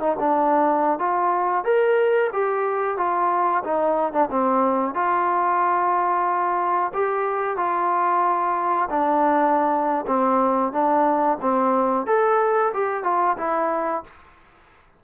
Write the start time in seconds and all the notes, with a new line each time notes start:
0.00 D#4
0.19 D4
0.99 F4
1.65 A#4
2.33 G4
2.97 F4
3.64 D#4
4.13 D4
4.31 C4
4.95 F4
6.94 G4
7.57 F4
8.90 D4
10.07 C4
10.73 D4
11.42 C4
12.07 A4
12.74 G4
13.04 F4
13.38 E4